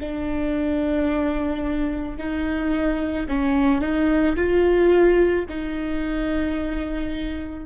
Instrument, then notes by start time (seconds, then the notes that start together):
viola
0.00 D4
2.18 D#4
3.29 C#4
3.81 D#4
4.36 F4
5.49 D#4